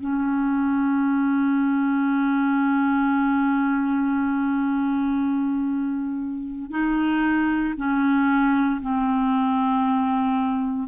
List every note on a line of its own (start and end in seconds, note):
0.00 6.71 C#4
6.71 7.74 D#4
7.77 8.81 C#4
8.81 10.88 C4